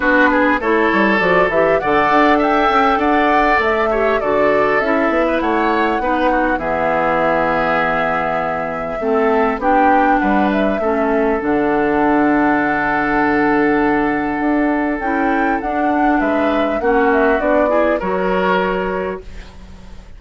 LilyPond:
<<
  \new Staff \with { instrumentName = "flute" } { \time 4/4 \tempo 4 = 100 b'4 cis''4 d''8 e''8 fis''4 | g''4 fis''4 e''4 d''4 | e''4 fis''2 e''4~ | e''1 |
g''4 fis''8 e''4. fis''4~ | fis''1~ | fis''4 g''4 fis''4 e''4 | fis''8 e''8 d''4 cis''2 | }
  \new Staff \with { instrumentName = "oboe" } { \time 4/4 fis'8 gis'8 a'2 d''4 | e''4 d''4. cis''8 a'4~ | a'8. b'16 cis''4 b'8 fis'8 gis'4~ | gis'2. a'4 |
g'4 b'4 a'2~ | a'1~ | a'2. b'4 | fis'4. gis'8 ais'2 | }
  \new Staff \with { instrumentName = "clarinet" } { \time 4/4 d'4 e'4 fis'8 g'8 a'4~ | a'2~ a'8 g'8 fis'4 | e'2 dis'4 b4~ | b2. c'4 |
d'2 cis'4 d'4~ | d'1~ | d'4 e'4 d'2 | cis'4 d'8 e'8 fis'2 | }
  \new Staff \with { instrumentName = "bassoon" } { \time 4/4 b4 a8 g8 f8 e8 d8 d'8~ | d'8 cis'8 d'4 a4 d4 | cis'8 b8 a4 b4 e4~ | e2. a4 |
b4 g4 a4 d4~ | d1 | d'4 cis'4 d'4 gis4 | ais4 b4 fis2 | }
>>